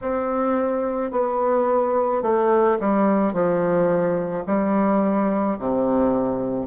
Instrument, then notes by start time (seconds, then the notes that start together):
bassoon
0.01 C4
1.11 B3
2.22 A3
2.80 G3
3.33 F3
4.46 G3
5.59 C3